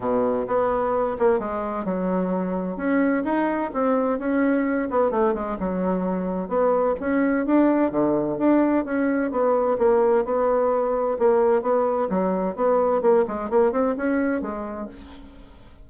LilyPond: \new Staff \with { instrumentName = "bassoon" } { \time 4/4 \tempo 4 = 129 b,4 b4. ais8 gis4 | fis2 cis'4 dis'4 | c'4 cis'4. b8 a8 gis8 | fis2 b4 cis'4 |
d'4 d4 d'4 cis'4 | b4 ais4 b2 | ais4 b4 fis4 b4 | ais8 gis8 ais8 c'8 cis'4 gis4 | }